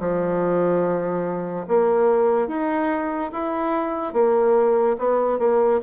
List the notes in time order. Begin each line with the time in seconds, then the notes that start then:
0.00 F3
1.68 A#3
2.48 D#4
3.33 E4
4.14 A#3
4.99 B3
5.39 A#3